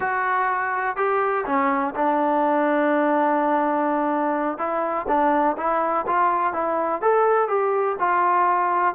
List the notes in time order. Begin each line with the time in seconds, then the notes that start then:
0.00 F#4
0.96 G4
1.46 C#4
1.95 D4
4.58 E4
5.08 D4
5.57 E4
6.06 F4
6.53 E4
7.01 A4
7.48 G4
7.99 F4